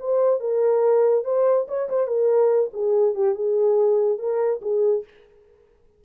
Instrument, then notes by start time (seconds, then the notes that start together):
horn
0.00 C5
0.40 A#4
1.25 C5
1.68 C#5
1.90 C5
2.07 A#4
2.73 G#4
3.15 G4
3.35 G#4
4.19 A#4
4.62 G#4